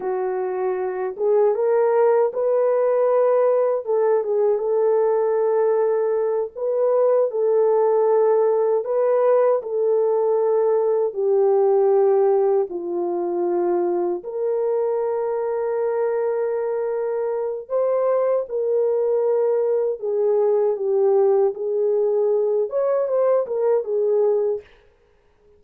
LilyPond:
\new Staff \with { instrumentName = "horn" } { \time 4/4 \tempo 4 = 78 fis'4. gis'8 ais'4 b'4~ | b'4 a'8 gis'8 a'2~ | a'8 b'4 a'2 b'8~ | b'8 a'2 g'4.~ |
g'8 f'2 ais'4.~ | ais'2. c''4 | ais'2 gis'4 g'4 | gis'4. cis''8 c''8 ais'8 gis'4 | }